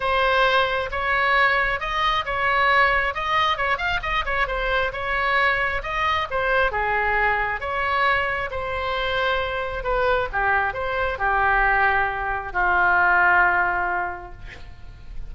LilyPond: \new Staff \with { instrumentName = "oboe" } { \time 4/4 \tempo 4 = 134 c''2 cis''2 | dis''4 cis''2 dis''4 | cis''8 f''8 dis''8 cis''8 c''4 cis''4~ | cis''4 dis''4 c''4 gis'4~ |
gis'4 cis''2 c''4~ | c''2 b'4 g'4 | c''4 g'2. | f'1 | }